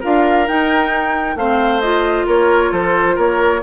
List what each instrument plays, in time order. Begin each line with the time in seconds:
0.00 bassoon D4, clarinet F4, oboe A#4, flute F5
0.47 clarinet D#4, bassoon D#4, flute G5
1.35 bassoon A3, clarinet C4, oboe C5, flute F5
1.80 clarinet F4, flute D#5
2.26 bassoon A#3, oboe A#4, flute C#5
2.72 bassoon F3, oboe A4, flute C5
3.15 bassoon A#3, oboe A#4, flute C#5